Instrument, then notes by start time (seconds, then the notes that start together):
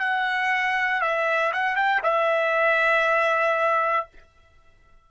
trumpet
0.00 F#5
1.02 E5
1.53 F#5
1.76 G5
2.03 E5